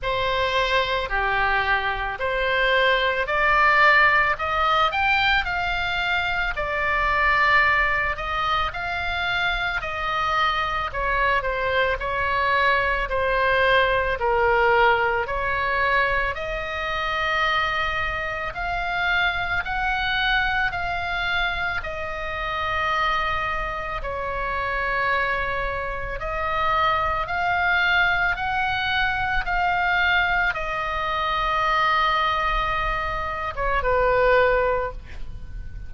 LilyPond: \new Staff \with { instrumentName = "oboe" } { \time 4/4 \tempo 4 = 55 c''4 g'4 c''4 d''4 | dis''8 g''8 f''4 d''4. dis''8 | f''4 dis''4 cis''8 c''8 cis''4 | c''4 ais'4 cis''4 dis''4~ |
dis''4 f''4 fis''4 f''4 | dis''2 cis''2 | dis''4 f''4 fis''4 f''4 | dis''2~ dis''8. cis''16 b'4 | }